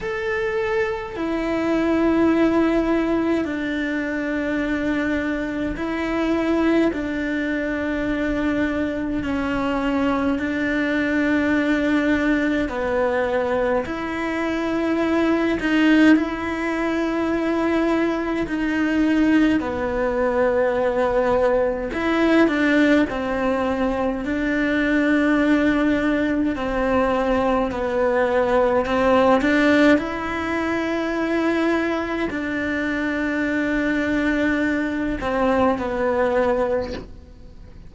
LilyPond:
\new Staff \with { instrumentName = "cello" } { \time 4/4 \tempo 4 = 52 a'4 e'2 d'4~ | d'4 e'4 d'2 | cis'4 d'2 b4 | e'4. dis'8 e'2 |
dis'4 b2 e'8 d'8 | c'4 d'2 c'4 | b4 c'8 d'8 e'2 | d'2~ d'8 c'8 b4 | }